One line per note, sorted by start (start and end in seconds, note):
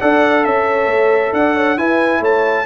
0.00 0.45 D4
0.00 1.77 A4
0.00 0.44 D5
0.00 0.44 F#5
0.44 0.87 C#4
0.44 1.34 C#5
0.44 1.33 E5
0.87 1.31 A3
1.32 1.77 D4
1.32 1.55 D5
1.32 1.78 F#5
1.55 1.77 C#5
1.77 2.20 E4
1.77 2.66 E4
1.77 2.20 B4
1.77 2.22 G#5
2.20 2.65 A3
2.20 2.64 C#5
2.20 2.66 A5